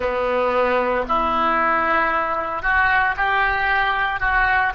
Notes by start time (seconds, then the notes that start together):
0.00 B3
1.08 E4
2.62 F#4
3.16 G4
4.20 F#4